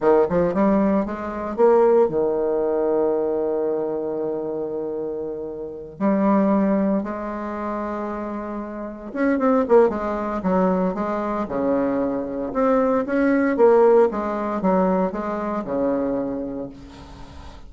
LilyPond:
\new Staff \with { instrumentName = "bassoon" } { \time 4/4 \tempo 4 = 115 dis8 f8 g4 gis4 ais4 | dis1~ | dis2.~ dis8 g8~ | g4. gis2~ gis8~ |
gis4. cis'8 c'8 ais8 gis4 | fis4 gis4 cis2 | c'4 cis'4 ais4 gis4 | fis4 gis4 cis2 | }